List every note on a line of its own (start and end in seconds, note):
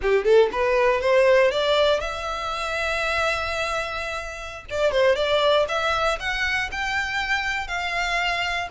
0.01 0.24 G4
0.24 0.49 A4
0.52 1.00 B4
1.00 1.51 C5
1.51 2.00 D5
2.00 4.65 E5
4.70 4.91 D5
4.91 5.15 C5
5.15 5.66 D5
5.68 6.19 E5
6.19 6.70 F#5
6.71 7.67 G5
7.67 8.68 F5